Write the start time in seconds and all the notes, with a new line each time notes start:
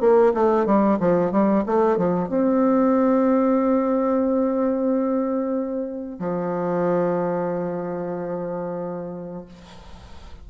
0.00 A#3
0.34 A3
0.66 G3
0.99 F3
1.31 G3
1.66 A3
1.97 F3
2.29 C4
6.19 F3